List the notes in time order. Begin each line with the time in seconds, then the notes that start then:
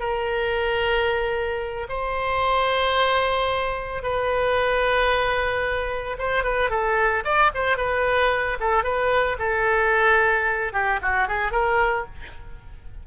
0.00 A#4
1.89 C5
4.03 B4
6.19 C5
6.44 B4
6.70 A4
7.25 D5
7.55 C5
7.78 B4
8.60 A4
8.84 B4
9.39 A4
10.73 G4
11.02 F#4
11.28 G#4
11.52 A#4